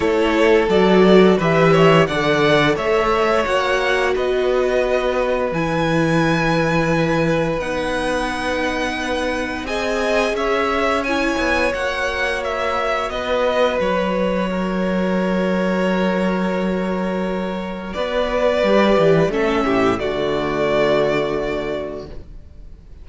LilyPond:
<<
  \new Staff \with { instrumentName = "violin" } { \time 4/4 \tempo 4 = 87 cis''4 d''4 e''4 fis''4 | e''4 fis''4 dis''2 | gis''2. fis''4~ | fis''2 gis''4 e''4 |
gis''4 fis''4 e''4 dis''4 | cis''1~ | cis''2 d''2 | e''4 d''2. | }
  \new Staff \with { instrumentName = "violin" } { \time 4/4 a'2 b'8 cis''8 d''4 | cis''2 b'2~ | b'1~ | b'2 dis''4 cis''4~ |
cis''2. b'4~ | b'4 ais'2.~ | ais'2 b'2 | a'8 g'8 fis'2. | }
  \new Staff \with { instrumentName = "viola" } { \time 4/4 e'4 fis'4 g'4 a'4~ | a'4 fis'2. | e'2. dis'4~ | dis'2 gis'2 |
e'4 fis'2.~ | fis'1~ | fis'2. g'4 | cis'4 a2. | }
  \new Staff \with { instrumentName = "cello" } { \time 4/4 a4 fis4 e4 d4 | a4 ais4 b2 | e2. b4~ | b2 c'4 cis'4~ |
cis'8 b8 ais2 b4 | fis1~ | fis2 b4 g8 e8 | a8 a,8 d2. | }
>>